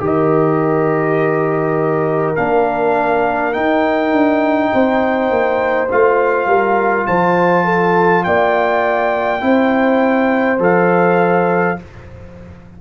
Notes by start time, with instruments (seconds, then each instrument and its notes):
0.00 tuba D#3, trombone G4, horn A#4, trumpet D#5
2.36 tuba A#3, trombone D4, trumpet F5
3.53 trombone D#4, tuba D#4, trumpet G5
4.12 tuba D4
4.74 tuba C4, horn C5
5.31 tuba A#3
5.90 tuba A3, trombone F4, trumpet F5
6.47 tuba G3, horn A#4
7.07 tuba F3, horn C5, trumpet A5
7.65 horn A4
8.24 tuba A#3, horn D5, trumpet G5
9.41 tuba C4, trombone E4, horn C5
10.59 tuba F3, trombone A4, trumpet F5